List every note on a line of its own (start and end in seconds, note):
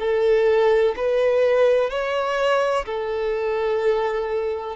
0.00 0.95 A4
0.97 1.90 B4
1.90 2.86 C#5
2.86 4.77 A4